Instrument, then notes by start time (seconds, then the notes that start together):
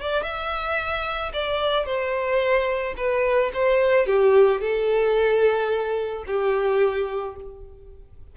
violin
0.00 D5
0.23 E5
1.33 D5
1.85 C5
2.97 B4
3.53 C5
4.06 G4
4.61 A4
6.27 G4